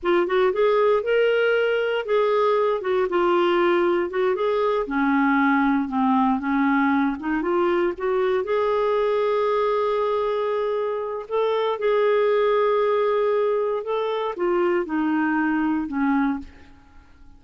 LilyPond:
\new Staff \with { instrumentName = "clarinet" } { \time 4/4 \tempo 4 = 117 f'8 fis'8 gis'4 ais'2 | gis'4. fis'8 f'2 | fis'8 gis'4 cis'2 c'8~ | c'8 cis'4. dis'8 f'4 fis'8~ |
fis'8 gis'2.~ gis'8~ | gis'2 a'4 gis'4~ | gis'2. a'4 | f'4 dis'2 cis'4 | }